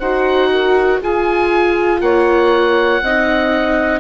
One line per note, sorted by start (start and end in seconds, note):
0.00 1.01 D#4
0.00 1.02 F#4
0.00 0.50 C5
0.00 1.00 F#5
0.53 1.00 A#4
1.00 3.02 F4
1.00 2.01 F4
1.00 2.00 G#4
1.00 2.01 G#5
2.01 3.01 A#3
2.01 3.02 C#5
2.01 4.00 F#5
3.02 4.00 C4
3.02 4.00 D#4
3.02 4.00 D#5